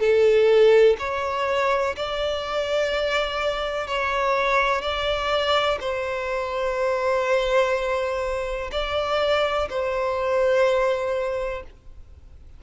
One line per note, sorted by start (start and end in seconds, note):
0.00 0.97 A4
0.99 1.96 C#5
1.96 3.88 D5
3.88 4.82 C#5
4.82 5.78 D5
5.81 8.71 C5
8.71 9.68 D5
9.70 11.63 C5